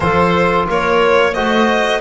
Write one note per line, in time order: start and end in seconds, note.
0.00 0.67 F3
0.00 1.32 F4
0.00 0.68 A4
0.00 0.66 C5
0.68 1.36 A#3
0.68 1.33 A#4
0.68 1.33 C#5
1.33 2.01 A3
1.33 2.01 F#4
1.33 2.00 C5
1.33 2.01 D#5